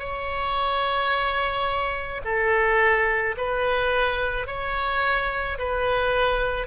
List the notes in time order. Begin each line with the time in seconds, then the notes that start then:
0.00 C#5
2.25 A4
3.37 B4
4.47 C#5
5.59 B4